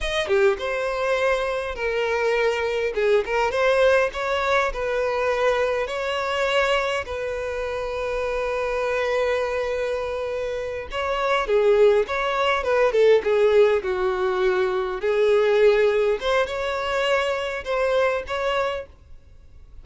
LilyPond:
\new Staff \with { instrumentName = "violin" } { \time 4/4 \tempo 4 = 102 dis''8 g'8 c''2 ais'4~ | ais'4 gis'8 ais'8 c''4 cis''4 | b'2 cis''2 | b'1~ |
b'2~ b'8 cis''4 gis'8~ | gis'8 cis''4 b'8 a'8 gis'4 fis'8~ | fis'4. gis'2 c''8 | cis''2 c''4 cis''4 | }